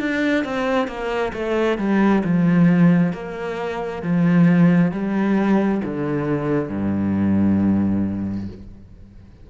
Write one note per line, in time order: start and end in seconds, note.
0.00 0.44 D4
0.44 0.88 C4
0.88 1.33 A#3
1.34 1.78 A3
1.78 2.23 G3
2.24 3.13 F3
3.13 4.03 A#3
4.03 4.92 F3
4.92 5.81 G3
5.85 6.69 D3
6.69 8.48 G2